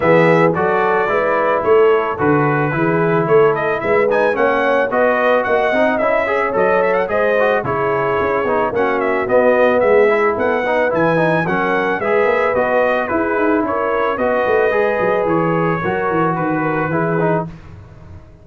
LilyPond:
<<
  \new Staff \with { instrumentName = "trumpet" } { \time 4/4 \tempo 4 = 110 e''4 d''2 cis''4 | b'2 cis''8 dis''8 e''8 gis''8 | fis''4 dis''4 fis''4 e''4 | dis''8 e''16 fis''16 dis''4 cis''2 |
fis''8 e''8 dis''4 e''4 fis''4 | gis''4 fis''4 e''4 dis''4 | b'4 cis''4 dis''2 | cis''2 b'2 | }
  \new Staff \with { instrumentName = "horn" } { \time 4/4 gis'4 a'4 b'4 a'4~ | a'4 gis'4 a'4 b'4 | cis''4 b'4 dis''4. cis''8~ | cis''4 c''4 gis'2 |
fis'2 gis'4 a'8 b'8~ | b'4 ais'4 b'2 | gis'4 ais'4 b'2~ | b'4 ais'4 b'8 ais'8 gis'4 | }
  \new Staff \with { instrumentName = "trombone" } { \time 4/4 b4 fis'4 e'2 | fis'4 e'2~ e'8 dis'8 | cis'4 fis'4. dis'8 e'8 gis'8 | a'4 gis'8 fis'8 e'4. dis'8 |
cis'4 b4. e'4 dis'8 | e'8 dis'8 cis'4 gis'4 fis'4 | e'2 fis'4 gis'4~ | gis'4 fis'2 e'8 dis'8 | }
  \new Staff \with { instrumentName = "tuba" } { \time 4/4 e4 fis4 gis4 a4 | d4 e4 a4 gis4 | ais4 b4 ais8 c'8 cis'4 | fis4 gis4 cis4 cis'8 b8 |
ais4 b4 gis4 b4 | e4 fis4 gis8 ais8 b4 | e'8 dis'8 cis'4 b8 a8 gis8 fis8 | e4 fis8 e8 dis4 e4 | }
>>